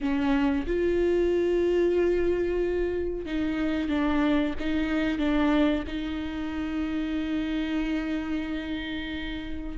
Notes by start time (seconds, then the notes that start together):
0.00 C#4
0.67 F4
3.25 D#4
3.89 D4
4.59 D#4
5.18 D4
5.87 D#4